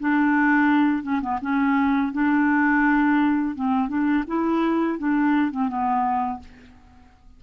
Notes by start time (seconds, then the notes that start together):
0.00 D4
1.03 C#4
1.21 B3
1.41 C#4
2.13 D4
3.56 C4
3.88 D4
4.27 E4
4.98 D4
5.51 C4
5.69 B3